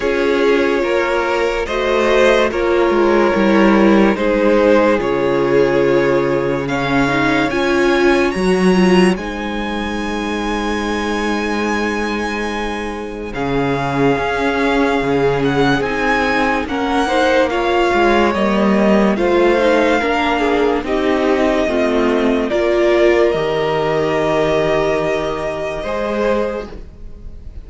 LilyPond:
<<
  \new Staff \with { instrumentName = "violin" } { \time 4/4 \tempo 4 = 72 cis''2 dis''4 cis''4~ | cis''4 c''4 cis''2 | f''4 gis''4 ais''4 gis''4~ | gis''1 |
f''2~ f''8 fis''8 gis''4 | fis''4 f''4 dis''4 f''4~ | f''4 dis''2 d''4 | dis''1 | }
  \new Staff \with { instrumentName = "violin" } { \time 4/4 gis'4 ais'4 c''4 ais'4~ | ais'4 gis'2. | cis''2. c''4~ | c''1 |
gis'1 | ais'8 c''8 cis''2 c''4 | ais'8 gis'8 g'4 f'4 ais'4~ | ais'2. c''4 | }
  \new Staff \with { instrumentName = "viola" } { \time 4/4 f'2 fis'4 f'4 | e'4 dis'4 f'2 | cis'8 dis'8 f'4 fis'8 f'8 dis'4~ | dis'1 |
cis'2. dis'4 | cis'8 dis'8 f'4 ais4 f'8 dis'8 | d'4 dis'4 c'4 f'4 | g'2. gis'4 | }
  \new Staff \with { instrumentName = "cello" } { \time 4/4 cis'4 ais4 a4 ais8 gis8 | g4 gis4 cis2~ | cis4 cis'4 fis4 gis4~ | gis1 |
cis4 cis'4 cis4 c'4 | ais4. gis8 g4 a4 | ais4 c'4 a4 ais4 | dis2. gis4 | }
>>